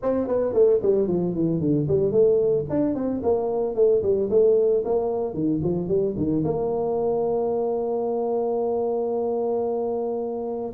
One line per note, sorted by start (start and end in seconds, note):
0.02 0.27 C4
0.27 0.53 B3
0.53 0.80 A3
0.82 1.07 G3
1.07 1.34 F3
1.34 1.60 E3
1.60 1.87 D3
1.87 2.11 G3
2.11 2.65 A3
2.69 2.95 D4
2.95 3.21 C4
3.22 3.75 A#3
3.75 4.02 A3
4.02 4.29 G3
4.30 4.83 A3
4.85 5.34 A#3
5.34 5.61 D#3
5.63 5.88 F3
5.88 6.14 G3
6.16 6.43 D#3
6.44 10.73 A#3